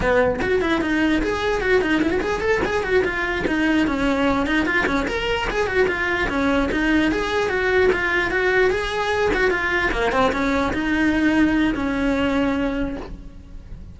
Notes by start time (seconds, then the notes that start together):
0.00 B3
0.41 F#4
0.61 E4
0.81 D#4
1.22 G#4
1.61 F#4
1.81 D#4
2.02 E4
2.10 F#4
2.20 G#4
2.40 A4
2.65 G#4
2.83 F#4
3.04 F4
3.47 D#4
3.87 C#4
4.46 D#4
4.65 F4
4.86 C#4
5.07 A#4
5.50 G#4
5.66 F#4
5.87 F4
6.28 C#4
6.71 D#4
7.11 G#4
7.49 F#4
7.92 F4
8.30 F#4
8.70 G#4
9.33 F#4
9.50 F4
9.91 A#3
10.11 C4
10.32 C#4
10.73 D#4
11.74 C#4